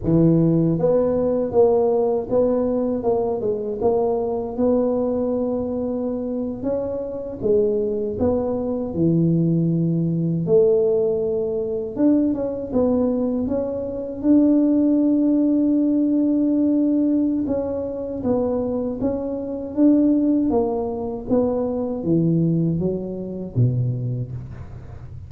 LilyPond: \new Staff \with { instrumentName = "tuba" } { \time 4/4 \tempo 4 = 79 e4 b4 ais4 b4 | ais8 gis8 ais4 b2~ | b8. cis'4 gis4 b4 e16~ | e4.~ e16 a2 d'16~ |
d'16 cis'8 b4 cis'4 d'4~ d'16~ | d'2. cis'4 | b4 cis'4 d'4 ais4 | b4 e4 fis4 b,4 | }